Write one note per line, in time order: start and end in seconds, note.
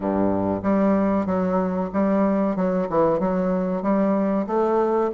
0.00 0.61 G2
0.62 1.26 G3
1.26 1.90 F#3
1.93 2.55 G3
2.55 2.87 F#3
2.89 3.19 E3
3.19 3.82 F#3
3.82 4.46 G3
4.47 5.10 A3